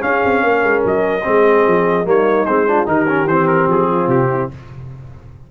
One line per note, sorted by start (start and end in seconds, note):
0.00 1.22 C#4
0.00 0.24 C#4
0.00 0.43 G#4
0.00 0.84 F5
0.25 0.44 C4
0.43 0.63 A#3
0.43 1.24 A#4
0.63 0.84 G#3
0.85 1.26 F#3
0.85 2.09 D#5
1.24 1.67 G#3
1.24 2.05 C4
1.24 2.08 G#4
1.67 2.07 F3
2.05 2.47 G3
2.05 2.45 A#3
2.05 2.68 D#4
2.05 2.46 C#5
2.46 2.88 G#3
2.46 2.68 C4
2.46 2.86 C5
2.68 2.86 D4
2.68 2.89 F4
2.86 3.27 D#3
2.86 3.07 D#4
2.86 3.90 G4
2.86 3.28 A#4
3.08 3.28 C#4
3.27 3.67 E3
3.27 4.52 C4
3.27 3.48 C5
3.48 3.68 A#4
3.68 4.08 F3
3.68 4.10 G#4
3.90 4.30 F4
4.08 4.48 C3
4.08 4.51 G4
4.30 4.50 E4